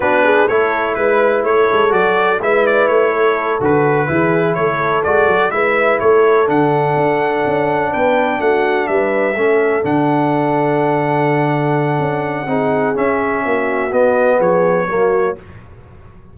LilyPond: <<
  \new Staff \with { instrumentName = "trumpet" } { \time 4/4 \tempo 4 = 125 b'4 cis''4 b'4 cis''4 | d''4 e''8 d''8 cis''4. b'8~ | b'4. cis''4 d''4 e''8~ | e''8 cis''4 fis''2~ fis''8~ |
fis''8 g''4 fis''4 e''4.~ | e''8 fis''2.~ fis''8~ | fis''2. e''4~ | e''4 dis''4 cis''2 | }
  \new Staff \with { instrumentName = "horn" } { \time 4/4 fis'8 gis'8 a'4 b'4 a'4~ | a'4 b'4. a'4.~ | a'8 gis'4 a'2 b'8~ | b'8 a'2.~ a'8~ |
a'8 b'4 fis'4 b'4 a'8~ | a'1~ | a'2 gis'2 | fis'2 gis'4 fis'4 | }
  \new Staff \with { instrumentName = "trombone" } { \time 4/4 d'4 e'2. | fis'4 e'2~ e'8 fis'8~ | fis'8 e'2 fis'4 e'8~ | e'4. d'2~ d'8~ |
d'2.~ d'8 cis'8~ | cis'8 d'2.~ d'8~ | d'2 dis'4 cis'4~ | cis'4 b2 ais4 | }
  \new Staff \with { instrumentName = "tuba" } { \time 4/4 b4 a4 gis4 a8 gis8 | fis4 gis4 a4. d8~ | d8 e4 a4 gis8 fis8 gis8~ | gis8 a4 d4 d'4 cis'8~ |
cis'8 b4 a4 g4 a8~ | a8 d2.~ d8~ | d4 cis'4 c'4 cis'4 | ais4 b4 f4 fis4 | }
>>